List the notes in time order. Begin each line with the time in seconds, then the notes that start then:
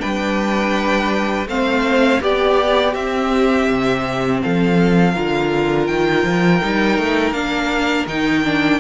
0.00 G3 D4 B4 G5
1.48 A3 C4 C5 F5
2.21 B3 G4 D5
2.95 C4 E5
3.69 C3
4.42 F3 A4 F5
5.13 D3 F4 A#4
5.87 D#3 G5
6.24 F3
6.62 G3 D#4
6.98 A3
7.32 A#3 D4 F5
8.07 D#3 D#4 G5
8.45 D4